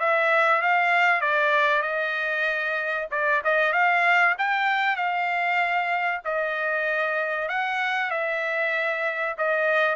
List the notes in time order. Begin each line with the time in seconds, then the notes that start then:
0.00 E5
0.62 F5
1.21 D5
1.82 D#5
3.11 D5
3.44 D#5
3.73 F5
4.38 G5
4.96 F5
6.24 D#5
7.49 F#5
8.11 E5
9.38 D#5